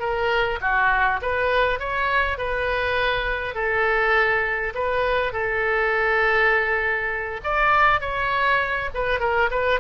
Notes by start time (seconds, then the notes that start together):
0.00 A#4
0.61 F#4
1.22 B4
1.80 C#5
2.38 B4
3.55 A4
4.75 B4
5.33 A4
7.44 D5
8.01 C#5
8.94 B4
9.20 A#4
9.51 B4